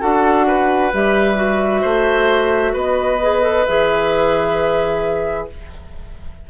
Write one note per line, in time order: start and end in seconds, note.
0.00 0.93 D4
0.00 0.91 F#4
0.00 0.46 A4
0.00 0.92 F#5
0.47 1.81 B4
0.93 1.84 G3
0.93 1.36 G4
0.93 2.76 E5
1.36 3.17 F#4
1.81 2.74 A3
1.81 2.72 C5
2.73 3.65 B3
2.73 5.46 B4
2.73 3.65 D#5
3.22 3.42 G#4
3.42 3.64 A4
3.65 5.50 E3
3.65 5.49 G#4
3.65 5.47 E5